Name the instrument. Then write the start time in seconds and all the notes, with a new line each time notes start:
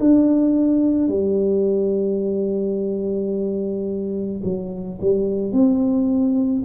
tuba
0.00 D4
1.09 G3
4.44 F#3
5.02 G3
5.53 C4